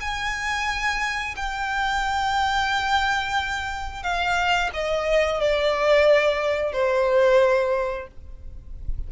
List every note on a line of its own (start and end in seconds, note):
0.00 1.35 G#5
1.36 4.03 G5
4.03 4.70 F5
4.73 5.40 D#5
5.40 6.72 D5
6.72 8.07 C5